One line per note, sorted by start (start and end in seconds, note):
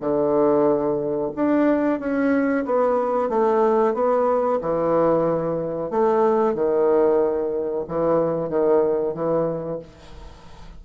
0.00 1.30 D3
1.35 1.99 D4
1.99 2.64 C#4
2.65 3.29 B3
3.29 3.94 A3
3.94 4.59 B3
4.61 5.90 E3
5.90 6.54 A3
6.54 7.84 D#3
7.88 8.49 E3
8.49 9.13 D#3
9.13 9.79 E3